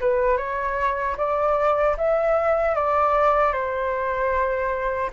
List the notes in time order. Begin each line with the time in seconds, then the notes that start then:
0.00 B4
0.37 C#5
1.17 D5
1.97 E5
2.75 D5
3.52 C5